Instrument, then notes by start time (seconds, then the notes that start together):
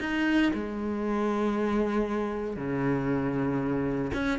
cello
0.00 D#4
0.53 G#3
2.56 C#3
4.13 C#4